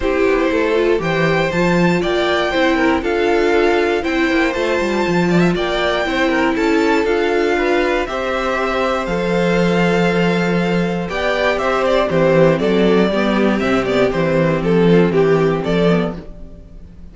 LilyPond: <<
  \new Staff \with { instrumentName = "violin" } { \time 4/4 \tempo 4 = 119 c''2 g''4 a''4 | g''2 f''2 | g''4 a''2 g''4~ | g''4 a''4 f''2 |
e''2 f''2~ | f''2 g''4 e''8 d''8 | c''4 d''2 e''8 d''8 | c''4 a'4 g'4 d''4 | }
  \new Staff \with { instrumentName = "violin" } { \time 4/4 g'4 a'4 c''2 | d''4 c''8 ais'8 a'2 | c''2~ c''8 d''16 e''16 d''4 | c''8 ais'8 a'2 b'4 |
c''1~ | c''2 d''4 c''4 | g'4 a'4 g'2~ | g'4. f'8 g'4 a'4 | }
  \new Staff \with { instrumentName = "viola" } { \time 4/4 e'4. f'8 g'4 f'4~ | f'4 e'4 f'2 | e'4 f'2. | e'2 f'2 |
g'2 a'2~ | a'2 g'2 | c'2 b4 c'8 b8 | c'2.~ c'8 b8 | }
  \new Staff \with { instrumentName = "cello" } { \time 4/4 c'8 b8 a4 e4 f4 | ais4 c'4 d'2 | c'8 ais8 a8 g8 f4 ais4 | c'4 cis'4 d'2 |
c'2 f2~ | f2 b4 c'4 | e4 fis4 g4 c4 | e4 f4 e4 f4 | }
>>